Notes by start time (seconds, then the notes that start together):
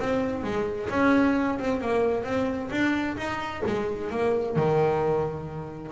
0.00 C4
0.44 G#3
0.90 C#4
1.59 C4
1.82 A#3
2.24 C4
2.71 D4
3.17 D#4
3.67 G#3
4.11 A#3
4.57 D#3